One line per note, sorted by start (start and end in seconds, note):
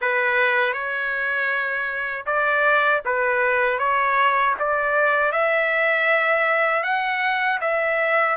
0.01 0.73 B4
0.73 2.25 C#5
2.25 3.01 D5
3.05 3.78 B4
3.78 4.54 C#5
4.59 5.32 D5
5.32 6.83 E5
6.83 7.59 F#5
7.60 8.36 E5